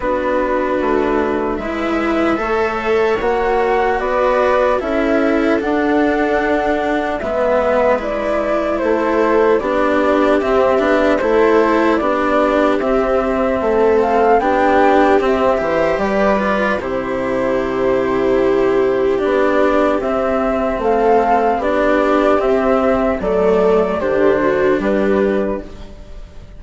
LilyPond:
<<
  \new Staff \with { instrumentName = "flute" } { \time 4/4 \tempo 4 = 75 b'2 e''2 | fis''4 d''4 e''4 fis''4~ | fis''4 e''4 d''4 c''4 | d''4 e''4 c''4 d''4 |
e''4. f''8 g''4 e''4 | d''4 c''2. | d''4 e''4 f''4 d''4 | e''4 d''4 c''4 b'4 | }
  \new Staff \with { instrumentName = "viola" } { \time 4/4 fis'2 b'4 cis''4~ | cis''4 b'4 a'2~ | a'4 b'2 a'4 | g'2 a'4 g'4~ |
g'4 a'4 g'4. c''8 | b'4 g'2.~ | g'2 a'4 g'4~ | g'4 a'4 g'8 fis'8 g'4 | }
  \new Staff \with { instrumentName = "cello" } { \time 4/4 d'2 e'4 a'4 | fis'2 e'4 d'4~ | d'4 b4 e'2 | d'4 c'8 d'8 e'4 d'4 |
c'2 d'4 c'8 g'8~ | g'8 f'8 e'2. | d'4 c'2 d'4 | c'4 a4 d'2 | }
  \new Staff \with { instrumentName = "bassoon" } { \time 4/4 b4 a4 gis4 a4 | ais4 b4 cis'4 d'4~ | d'4 gis2 a4 | b4 c'8 b8 a4 b4 |
c'4 a4 b4 c'8 e8 | g4 c2. | b4 c'4 a4 b4 | c'4 fis4 d4 g4 | }
>>